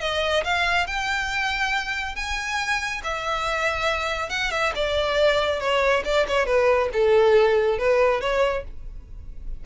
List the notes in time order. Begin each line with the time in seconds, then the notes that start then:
0.00 D#5
0.44 F5
0.87 G5
2.15 G#5
3.03 E5
4.29 F#5
4.51 E5
4.75 D5
5.60 C#5
6.04 D5
6.28 C#5
6.46 B4
6.92 A4
7.78 B4
8.21 C#5